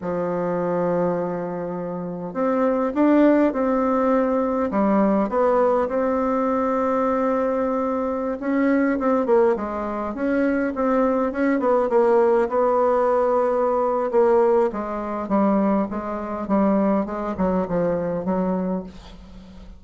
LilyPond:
\new Staff \with { instrumentName = "bassoon" } { \time 4/4 \tempo 4 = 102 f1 | c'4 d'4 c'2 | g4 b4 c'2~ | c'2~ c'16 cis'4 c'8 ais16~ |
ais16 gis4 cis'4 c'4 cis'8 b16~ | b16 ais4 b2~ b8. | ais4 gis4 g4 gis4 | g4 gis8 fis8 f4 fis4 | }